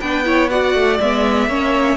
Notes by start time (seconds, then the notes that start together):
0.00 B3 D4 B4 G5
0.24 E4 C#5
0.49 F#4 D5 F#5
0.74 A3
1.00 G#3 B3 E5
1.47 A#3 C#4 C#5